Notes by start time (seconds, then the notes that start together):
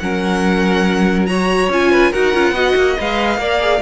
0.00 F#3 C#4 A#4 F#5
1.27 F#4 C#5 A#5
1.69 C#4 F4 G#5
1.92 B4
2.11 D#4 F#4 A#4 F#5
2.34 C#4 F4
2.52 B3 F#4 D#5
2.76 A#3
2.99 G#3 B4 F5
3.38 A#3 A#4 D5
3.61 G#4